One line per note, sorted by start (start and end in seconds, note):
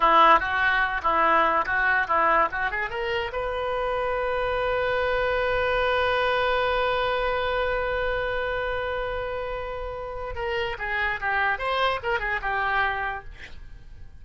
0.00 0.39 E4
0.39 1.01 F#4
1.03 1.65 E4
1.65 2.07 F#4
2.07 2.48 E4
2.51 2.70 F#4
2.70 2.90 G#4
2.90 3.31 A#4
3.32 10.35 B4
10.35 10.76 A#4
10.78 11.19 G#4
11.20 11.58 G4
11.58 12.00 C5
12.03 12.19 A#4
12.19 12.40 G#4
12.41 13.24 G4